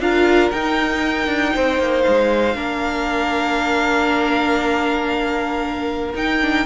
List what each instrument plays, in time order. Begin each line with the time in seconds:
0.00 cello D4, viola F4, violin A#4 F5
0.51 cello D#4, viola D#4, violin G5
1.27 cello D4
1.55 cello C4, violin C5
1.79 cello A#3
2.02 cello G#3, violin F5
2.55 cello A#3, viola D4, violin A#4
6.15 viola D#4, cello D#4, violin G5
6.41 viola D4